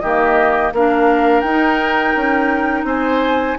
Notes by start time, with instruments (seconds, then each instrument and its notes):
0.00 bassoon D#3, clarinet A#3, oboe G4, flute D#5
0.73 bassoon A#3, clarinet D4, oboe A#4, flute F5
1.41 bassoon D#4, flute G5
1.47 clarinet D#4
2.16 bassoon C#4
2.84 bassoon C4, oboe C5, flute G#5